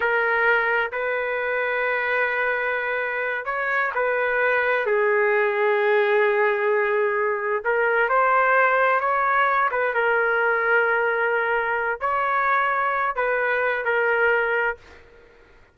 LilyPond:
\new Staff \with { instrumentName = "trumpet" } { \time 4/4 \tempo 4 = 130 ais'2 b'2~ | b'2.~ b'8 cis''8~ | cis''8 b'2 gis'4.~ | gis'1~ |
gis'8 ais'4 c''2 cis''8~ | cis''4 b'8 ais'2~ ais'8~ | ais'2 cis''2~ | cis''8 b'4. ais'2 | }